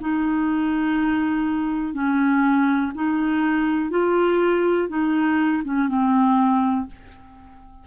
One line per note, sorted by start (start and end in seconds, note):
0.00 1.94 D#4
1.94 2.92 C#4
2.95 3.90 D#4
3.90 4.88 F4
4.89 5.62 D#4
5.64 5.88 C#4
5.88 6.87 C4